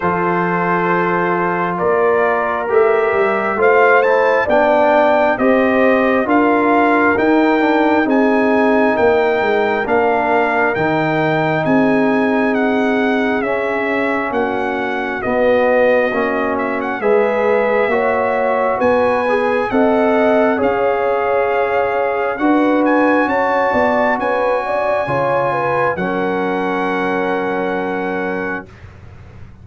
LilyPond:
<<
  \new Staff \with { instrumentName = "trumpet" } { \time 4/4 \tempo 4 = 67 c''2 d''4 e''4 | f''8 a''8 g''4 dis''4 f''4 | g''4 gis''4 g''4 f''4 | g''4 gis''4 fis''4 e''4 |
fis''4 dis''4. e''16 fis''16 e''4~ | e''4 gis''4 fis''4 f''4~ | f''4 fis''8 gis''8 a''4 gis''4~ | gis''4 fis''2. | }
  \new Staff \with { instrumentName = "horn" } { \time 4/4 a'2 ais'2 | c''4 d''4 c''4 ais'4~ | ais'4 gis'4 ais'2~ | ais'4 gis'2. |
fis'2. b'4 | cis''4 b'4 dis''4 cis''4~ | cis''4 b'4 cis''8 d''8 b'8 d''8 | cis''8 b'8 ais'2. | }
  \new Staff \with { instrumentName = "trombone" } { \time 4/4 f'2. g'4 | f'8 e'8 d'4 g'4 f'4 | dis'8 d'8 dis'2 d'4 | dis'2. cis'4~ |
cis'4 b4 cis'4 gis'4 | fis'4. gis'8 a'4 gis'4~ | gis'4 fis'2. | f'4 cis'2. | }
  \new Staff \with { instrumentName = "tuba" } { \time 4/4 f2 ais4 a8 g8 | a4 b4 c'4 d'4 | dis'4 c'4 ais8 gis8 ais4 | dis4 c'2 cis'4 |
ais4 b4 ais4 gis4 | ais4 b4 c'4 cis'4~ | cis'4 d'4 cis'8 b8 cis'4 | cis4 fis2. | }
>>